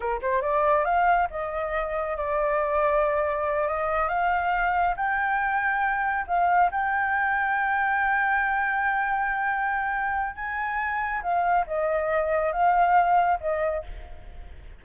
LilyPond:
\new Staff \with { instrumentName = "flute" } { \time 4/4 \tempo 4 = 139 ais'8 c''8 d''4 f''4 dis''4~ | dis''4 d''2.~ | d''8 dis''4 f''2 g''8~ | g''2~ g''8 f''4 g''8~ |
g''1~ | g''1 | gis''2 f''4 dis''4~ | dis''4 f''2 dis''4 | }